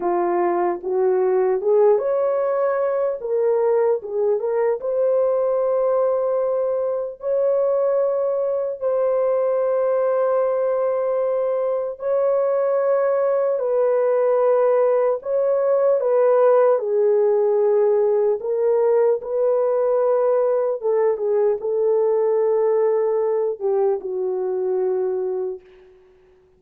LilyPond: \new Staff \with { instrumentName = "horn" } { \time 4/4 \tempo 4 = 75 f'4 fis'4 gis'8 cis''4. | ais'4 gis'8 ais'8 c''2~ | c''4 cis''2 c''4~ | c''2. cis''4~ |
cis''4 b'2 cis''4 | b'4 gis'2 ais'4 | b'2 a'8 gis'8 a'4~ | a'4. g'8 fis'2 | }